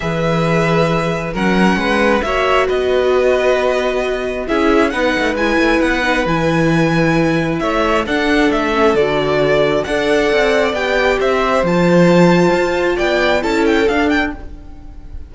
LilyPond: <<
  \new Staff \with { instrumentName = "violin" } { \time 4/4 \tempo 4 = 134 e''2. fis''4~ | fis''4 e''4 dis''2~ | dis''2 e''4 fis''4 | gis''4 fis''4 gis''2~ |
gis''4 e''4 fis''4 e''4 | d''2 fis''2 | g''4 e''4 a''2~ | a''4 g''4 a''8 g''8 f''8 g''8 | }
  \new Staff \with { instrumentName = "violin" } { \time 4/4 b'2. ais'4 | b'4 cis''4 b'2~ | b'2 gis'4 b'4~ | b'1~ |
b'4 cis''4 a'2~ | a'2 d''2~ | d''4 c''2.~ | c''4 d''4 a'2 | }
  \new Staff \with { instrumentName = "viola" } { \time 4/4 gis'2. cis'4~ | cis'4 fis'2.~ | fis'2 e'4 dis'4 | e'4. dis'8 e'2~ |
e'2 d'4. cis'8 | fis'2 a'2 | g'2 f'2~ | f'2 e'4 d'4 | }
  \new Staff \with { instrumentName = "cello" } { \time 4/4 e2. fis4 | gis4 ais4 b2~ | b2 cis'4 b8 a8 | gis8 a8 b4 e2~ |
e4 a4 d'4 a4 | d2 d'4 c'4 | b4 c'4 f2 | f'4 b4 cis'4 d'4 | }
>>